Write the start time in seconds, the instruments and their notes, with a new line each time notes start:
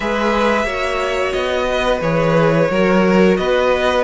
0.00 cello G#3, viola G#4, violin B4 E5
0.64 cello A#3, viola F#4, violin C#5
1.32 cello B3, violin D#5
1.70 violin B4
2.01 cello E3, viola G#4, violin C#5
2.70 cello F#3, viola F#4, violin A#4
3.37 cello B3, violin B4 D#5